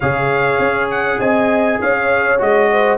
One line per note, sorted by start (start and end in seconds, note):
0.00 0.58 C#3
0.00 2.38 G#4
0.00 1.18 C#5
0.00 0.90 F5
0.58 1.18 C#4
0.91 1.20 F#5
1.19 1.79 C4
1.19 1.79 D#5
1.19 1.80 G#5
1.80 2.40 C#4
1.80 2.71 C#5
1.80 2.41 F5
2.38 2.98 G#3
2.38 2.98 F#4
2.38 2.98 D#5
2.71 2.98 C5